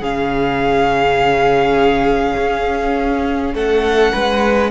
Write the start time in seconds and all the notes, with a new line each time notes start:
0.00 C#3 C#4 G#4 F5
2.37 C#4
3.54 A3 A4 F#5
4.11 G#3 B4